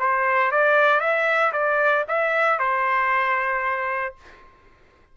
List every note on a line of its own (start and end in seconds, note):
0.00 0.52 C5
0.52 1.01 D5
1.01 1.53 E5
1.53 2.05 D5
2.09 2.59 E5
2.59 4.16 C5